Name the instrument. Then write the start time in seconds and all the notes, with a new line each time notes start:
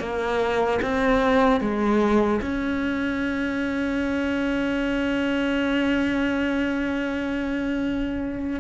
cello
0.00 A#3
0.82 C4
1.61 G#3
2.42 C#4